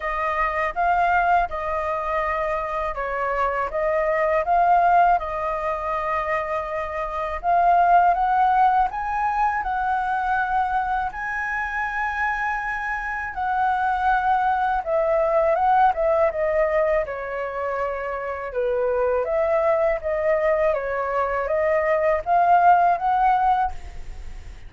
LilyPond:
\new Staff \with { instrumentName = "flute" } { \time 4/4 \tempo 4 = 81 dis''4 f''4 dis''2 | cis''4 dis''4 f''4 dis''4~ | dis''2 f''4 fis''4 | gis''4 fis''2 gis''4~ |
gis''2 fis''2 | e''4 fis''8 e''8 dis''4 cis''4~ | cis''4 b'4 e''4 dis''4 | cis''4 dis''4 f''4 fis''4 | }